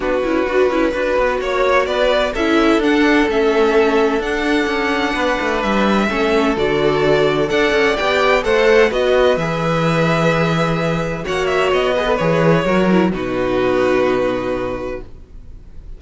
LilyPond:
<<
  \new Staff \with { instrumentName = "violin" } { \time 4/4 \tempo 4 = 128 b'2. cis''4 | d''4 e''4 fis''4 e''4~ | e''4 fis''2. | e''2 d''2 |
fis''4 g''4 fis''4 dis''4 | e''1 | fis''8 e''8 dis''4 cis''2 | b'1 | }
  \new Staff \with { instrumentName = "violin" } { \time 4/4 fis'2 b'4 cis''4 | b'4 a'2.~ | a'2. b'4~ | b'4 a'2. |
d''2 c''4 b'4~ | b'1 | cis''4. b'4. ais'4 | fis'1 | }
  \new Staff \with { instrumentName = "viola" } { \time 4/4 d'8 e'8 fis'8 e'8 fis'2~ | fis'4 e'4 d'4 cis'4~ | cis'4 d'2.~ | d'4 cis'4 fis'2 |
a'4 g'4 a'4 fis'4 | gis'1 | fis'4. gis'16 a'16 gis'4 fis'8 e'8 | dis'1 | }
  \new Staff \with { instrumentName = "cello" } { \time 4/4 b8 cis'8 d'8 cis'8 d'8 b8 ais4 | b4 cis'4 d'4 a4~ | a4 d'4 cis'4 b8 a8 | g4 a4 d2 |
d'8 cis'8 b4 a4 b4 | e1 | ais4 b4 e4 fis4 | b,1 | }
>>